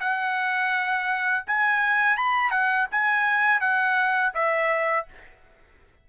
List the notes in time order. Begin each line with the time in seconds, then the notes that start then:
0.00 F#5
1.47 G#5
2.17 B5
2.51 F#5
2.91 G#5
3.60 F#5
4.34 E5